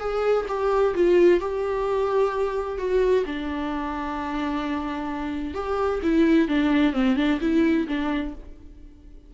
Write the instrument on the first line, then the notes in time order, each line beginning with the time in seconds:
viola
0.00 G#4
0.48 G4
0.95 F4
1.40 G4
2.79 F#4
3.26 D4
5.55 G4
6.03 E4
6.49 D4
6.93 C4
7.17 D4
7.41 E4
7.88 D4